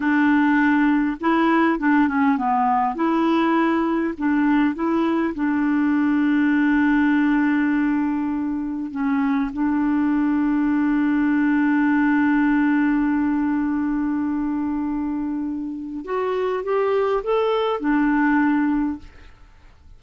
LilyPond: \new Staff \with { instrumentName = "clarinet" } { \time 4/4 \tempo 4 = 101 d'2 e'4 d'8 cis'8 | b4 e'2 d'4 | e'4 d'2.~ | d'2. cis'4 |
d'1~ | d'1~ | d'2. fis'4 | g'4 a'4 d'2 | }